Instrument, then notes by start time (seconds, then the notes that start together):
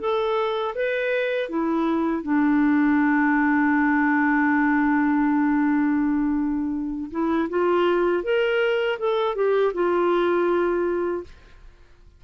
clarinet
0.00 A4
0.75 B4
1.49 E4
2.23 D4
7.11 E4
7.50 F4
8.24 A#4
8.99 A4
9.35 G4
9.74 F4